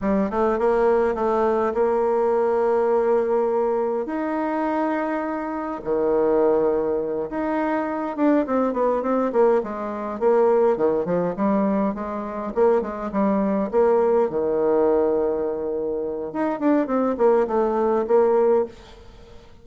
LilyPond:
\new Staff \with { instrumentName = "bassoon" } { \time 4/4 \tempo 4 = 103 g8 a8 ais4 a4 ais4~ | ais2. dis'4~ | dis'2 dis2~ | dis8 dis'4. d'8 c'8 b8 c'8 |
ais8 gis4 ais4 dis8 f8 g8~ | g8 gis4 ais8 gis8 g4 ais8~ | ais8 dis2.~ dis8 | dis'8 d'8 c'8 ais8 a4 ais4 | }